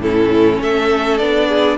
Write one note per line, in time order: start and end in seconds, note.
0.00 0.59 A2
0.00 1.21 C#4
0.00 0.62 E4
0.00 0.62 A4
0.61 1.20 A3
0.61 1.48 A4
0.61 1.18 E5
1.18 1.78 B3
1.18 1.78 D4
1.18 1.78 D5
1.48 1.78 G#4